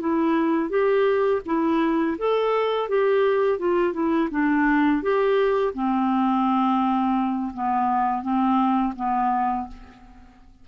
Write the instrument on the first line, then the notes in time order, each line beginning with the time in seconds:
clarinet
0.00 E4
0.70 G4
1.46 E4
2.18 A4
2.89 G4
3.59 F4
3.93 E4
4.31 D4
5.02 G4
5.74 C4
7.54 B3
8.22 C4
8.96 B3